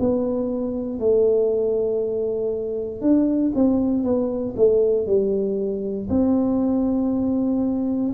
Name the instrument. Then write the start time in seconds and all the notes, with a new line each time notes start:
tuba
0.00 B3
0.99 A3
3.01 D4
3.55 C4
4.04 B3
4.56 A3
5.07 G3
6.10 C4